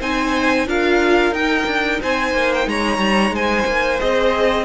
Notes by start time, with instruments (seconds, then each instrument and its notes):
0.00 cello C4, viola D#4, violin C5 G#5
0.67 cello D4, viola F4, violin A#4 F5
1.31 cello D#4, viola D#4, violin G5
1.66 cello D4
2.01 cello C4, violin C5 G#5
2.34 cello A#3
2.54 violin G5
2.67 cello G#3, violin C#5 A#5
2.98 cello G3
3.31 cello G#3, violin C5 G#5
3.67 cello A#3
3.98 cello C4, viola G#4, violin D#5